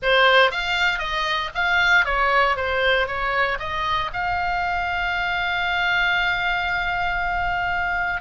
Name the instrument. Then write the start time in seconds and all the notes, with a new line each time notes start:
oboe
0.02 C5
0.51 F5
0.99 D#5
1.54 F5
2.05 C#5
2.56 C5
3.07 C#5
3.59 D#5
4.13 F5